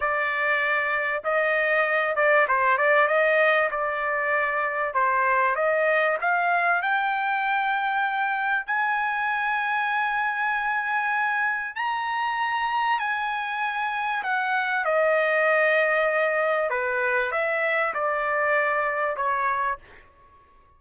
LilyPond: \new Staff \with { instrumentName = "trumpet" } { \time 4/4 \tempo 4 = 97 d''2 dis''4. d''8 | c''8 d''8 dis''4 d''2 | c''4 dis''4 f''4 g''4~ | g''2 gis''2~ |
gis''2. ais''4~ | ais''4 gis''2 fis''4 | dis''2. b'4 | e''4 d''2 cis''4 | }